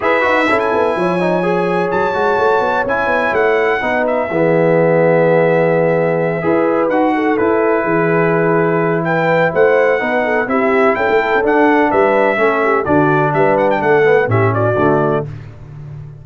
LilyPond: <<
  \new Staff \with { instrumentName = "trumpet" } { \time 4/4 \tempo 4 = 126 e''4~ e''16 gis''2~ gis''8. | a''2 gis''4 fis''4~ | fis''8 e''2.~ e''8~ | e''2~ e''8 fis''4 b'8~ |
b'2. g''4 | fis''2 e''4 g''4 | fis''4 e''2 d''4 | e''8 fis''16 g''16 fis''4 e''8 d''4. | }
  \new Staff \with { instrumentName = "horn" } { \time 4/4 b'4 a'4 cis''2~ | cis''1 | b'4 gis'2.~ | gis'4. b'4. a'4~ |
a'8 gis'2~ gis'8 b'4 | c''4 b'8 a'8 g'4 a'4~ | a'4 b'4 a'8 g'8 fis'4 | b'4 a'4 g'8 fis'4. | }
  \new Staff \with { instrumentName = "trombone" } { \time 4/4 gis'8 fis'8 e'4. dis'8 gis'4~ | gis'8 fis'4. e'2 | dis'4 b2.~ | b4. gis'4 fis'4 e'8~ |
e'1~ | e'4 dis'4 e'2 | d'2 cis'4 d'4~ | d'4. b8 cis'4 a4 | }
  \new Staff \with { instrumentName = "tuba" } { \time 4/4 e'8 dis'8 cis'8 b8 f2 | fis8 gis8 a8 b8 cis'8 b8 a4 | b4 e2.~ | e4. e'4 dis'4 e'8~ |
e'8 e2.~ e8 | a4 b4 c'4 cis'16 a8 cis'16 | d'4 g4 a4 d4 | g4 a4 a,4 d4 | }
>>